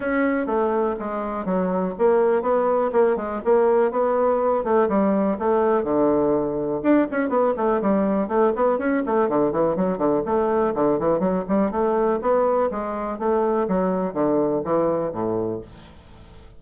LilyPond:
\new Staff \with { instrumentName = "bassoon" } { \time 4/4 \tempo 4 = 123 cis'4 a4 gis4 fis4 | ais4 b4 ais8 gis8 ais4 | b4. a8 g4 a4 | d2 d'8 cis'8 b8 a8 |
g4 a8 b8 cis'8 a8 d8 e8 | fis8 d8 a4 d8 e8 fis8 g8 | a4 b4 gis4 a4 | fis4 d4 e4 a,4 | }